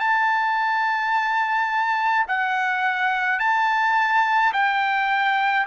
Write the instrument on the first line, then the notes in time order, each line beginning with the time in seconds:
trumpet
0.00 A5
2.28 F#5
3.39 A5
4.53 G5